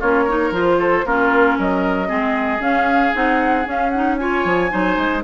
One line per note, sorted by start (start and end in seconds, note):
0.00 0.51 A#3
0.00 0.28 C#4
0.00 0.24 F4
0.00 0.53 C#5
0.24 0.53 D#4
0.24 0.77 A#4
0.51 1.03 F3
0.51 1.05 F4
0.51 1.06 C5
0.79 1.05 A4
1.05 1.58 A#3
1.05 2.07 C#4
1.05 1.58 F4
1.05 1.58 A#4
1.58 2.11 F#3
1.58 2.08 A#4
1.58 2.62 D#5
2.07 2.60 G#3
2.07 2.60 C4
2.07 4.17 G#4
2.60 3.12 C#4
2.60 3.13 C#4
2.60 3.14 F5
3.14 3.67 C4
3.14 3.65 D#4
3.14 3.67 F#5
3.65 3.91 C#4
3.65 4.45 C#4
3.65 3.90 F5
3.90 4.20 D#4
3.90 4.16 F#5
4.17 4.70 F4
4.17 4.72 C#5
4.17 5.21 G#5
4.45 4.71 F3
4.70 4.97 F#3
4.70 5.22 D#4
4.70 5.24 C5
4.97 5.23 G#3